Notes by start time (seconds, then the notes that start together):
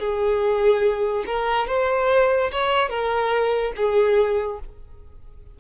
0.00 G#4
1.26 A#4
1.68 C5
2.52 C#5
2.90 A#4
3.77 G#4